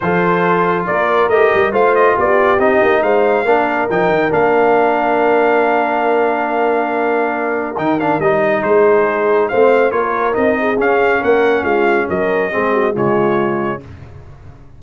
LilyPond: <<
  \new Staff \with { instrumentName = "trumpet" } { \time 4/4 \tempo 4 = 139 c''2 d''4 dis''4 | f''8 dis''8 d''4 dis''4 f''4~ | f''4 g''4 f''2~ | f''1~ |
f''2 g''8 f''8 dis''4 | c''2 f''4 cis''4 | dis''4 f''4 fis''4 f''4 | dis''2 cis''2 | }
  \new Staff \with { instrumentName = "horn" } { \time 4/4 a'2 ais'2 | c''4 g'2 c''4 | ais'1~ | ais'1~ |
ais'1 | gis'2 c''4 ais'4~ | ais'8 gis'4. ais'4 f'4 | ais'4 gis'8 fis'8 f'2 | }
  \new Staff \with { instrumentName = "trombone" } { \time 4/4 f'2. g'4 | f'2 dis'2 | d'4 dis'4 d'2~ | d'1~ |
d'2 dis'8 d'8 dis'4~ | dis'2 c'4 f'4 | dis'4 cis'2.~ | cis'4 c'4 gis2 | }
  \new Staff \with { instrumentName = "tuba" } { \time 4/4 f2 ais4 a8 g8 | a4 b4 c'8 ais8 gis4 | ais4 f8 dis8 ais2~ | ais1~ |
ais2 dis4 g4 | gis2 a4 ais4 | c'4 cis'4 ais4 gis4 | fis4 gis4 cis2 | }
>>